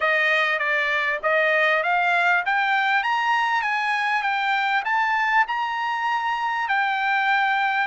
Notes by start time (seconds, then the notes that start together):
0.00 D#5
0.58 D5
1.22 D#5
1.83 F5
2.45 G5
3.03 A#5
3.61 G#5
4.22 G5
4.85 A5
5.47 A#5
6.68 G5